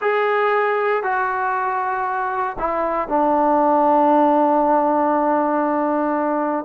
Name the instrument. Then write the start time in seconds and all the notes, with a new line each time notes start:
trombone
0.01 G#4
1.03 F#4
2.58 E4
3.08 D4